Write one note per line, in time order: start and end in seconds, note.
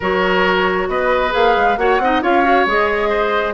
0.00 0.88 F#3
0.00 1.30 F#4
0.00 0.87 A#4
0.00 0.88 C#5
0.88 1.32 B3
0.88 1.79 B4
0.88 1.33 D#5
1.30 1.56 A#3
1.30 1.74 G#4
1.30 1.77 F5
1.56 1.77 G#3
1.77 1.98 A#3
1.77 1.99 F#4
1.77 2.01 C#5
1.77 2.22 F#5
1.98 2.21 C4
1.98 2.22 D#4
1.98 2.22 D#5
2.22 2.66 C#4
2.22 2.43 F4
2.22 3.09 C#5
2.22 2.67 F5
2.43 2.65 F#4
2.66 3.54 G#3
2.66 3.54 G#4
2.66 3.54 D#5
3.09 3.53 C5